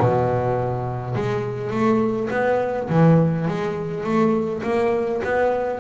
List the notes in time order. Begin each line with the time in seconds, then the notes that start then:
0.00 B2
1.16 G#3
1.71 A3
2.31 B3
2.90 E3
3.48 G#3
4.04 A3
4.64 A#3
5.24 B3